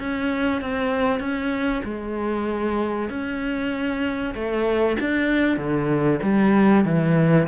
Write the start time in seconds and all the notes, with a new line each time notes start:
0.00 C#4
0.62 C4
1.20 C#4
1.85 G#3
3.10 C#4
4.35 A3
5.01 D4
5.58 D3
6.23 G3
6.85 E3